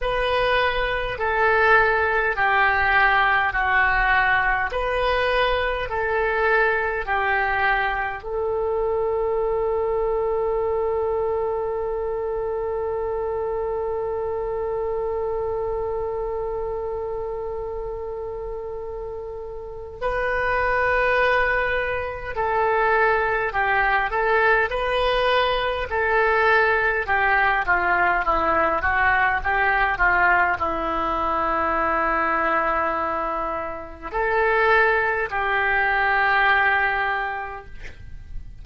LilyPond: \new Staff \with { instrumentName = "oboe" } { \time 4/4 \tempo 4 = 51 b'4 a'4 g'4 fis'4 | b'4 a'4 g'4 a'4~ | a'1~ | a'1~ |
a'4 b'2 a'4 | g'8 a'8 b'4 a'4 g'8 f'8 | e'8 fis'8 g'8 f'8 e'2~ | e'4 a'4 g'2 | }